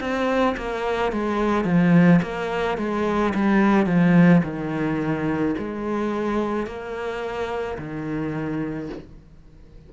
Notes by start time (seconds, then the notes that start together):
0.00 C4
0.57 A#3
1.12 G#3
1.65 F3
2.22 A#3
2.78 G#3
3.35 G3
3.86 F3
4.44 D#3
5.58 G#3
6.67 A#3
7.78 D#3